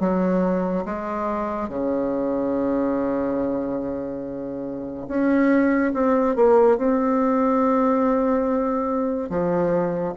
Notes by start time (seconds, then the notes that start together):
0.00 F#3
0.85 G#3
1.69 C#3
5.08 C#4
5.94 C4
6.35 A#3
6.78 C4
9.30 F3